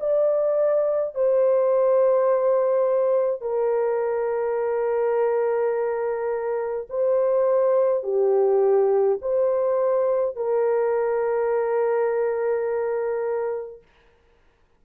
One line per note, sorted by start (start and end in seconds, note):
0.00 1.14 D5
1.14 3.41 C5
3.41 6.87 A#4
6.90 8.03 C5
8.03 9.18 G4
9.21 10.36 C5
10.36 13.82 A#4